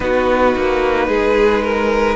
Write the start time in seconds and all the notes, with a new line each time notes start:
0.00 B3 D#4 F#4 B4
0.56 A#3
1.07 G#3 G#4
1.62 A#4